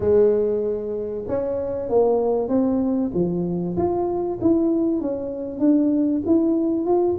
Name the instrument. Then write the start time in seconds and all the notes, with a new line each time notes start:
tuba
0.00 G#3
1.27 C#4
1.89 A#3
2.48 C4
3.14 F3
3.76 F4
4.41 E4
5.00 C#4
5.59 D4
6.26 E4
6.85 F4